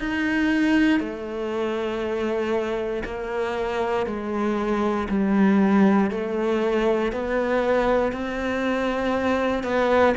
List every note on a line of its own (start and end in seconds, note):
0.00 1.00 D#4
1.00 3.04 A3
3.05 4.07 A#3
4.07 5.08 G#3
5.09 6.11 G3
6.11 7.13 A3
7.13 8.13 B3
8.13 9.64 C4
9.64 10.15 B3